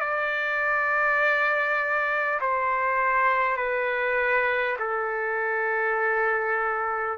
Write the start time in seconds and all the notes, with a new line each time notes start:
0.00 D5
2.41 C5
3.57 B4
4.79 A4